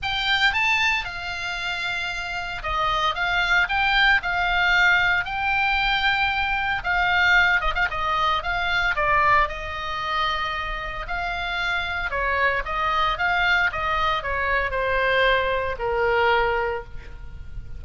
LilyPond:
\new Staff \with { instrumentName = "oboe" } { \time 4/4 \tempo 4 = 114 g''4 a''4 f''2~ | f''4 dis''4 f''4 g''4 | f''2 g''2~ | g''4 f''4. dis''16 f''16 dis''4 |
f''4 d''4 dis''2~ | dis''4 f''2 cis''4 | dis''4 f''4 dis''4 cis''4 | c''2 ais'2 | }